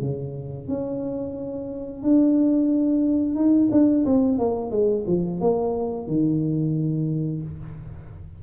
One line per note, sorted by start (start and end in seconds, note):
0.00 0.67 C#3
0.67 2.02 C#4
2.02 3.35 D4
3.35 3.69 D#4
3.71 4.04 D4
4.05 4.38 C4
4.38 4.70 A#3
4.70 5.04 G#3
5.07 5.40 F3
5.40 6.06 A#3
6.06 7.41 D#3